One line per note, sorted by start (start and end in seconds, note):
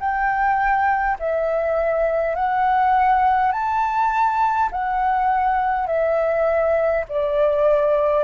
0.00 1.18 G5
1.19 2.35 E5
2.35 3.52 F#5
3.52 4.70 A5
4.71 5.87 F#5
5.87 7.04 E5
7.09 8.24 D5